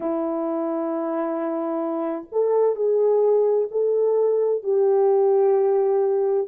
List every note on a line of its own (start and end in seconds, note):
0.00 2.26 E4
2.32 2.75 A4
2.75 3.68 G#4
3.71 4.63 A4
4.63 6.47 G4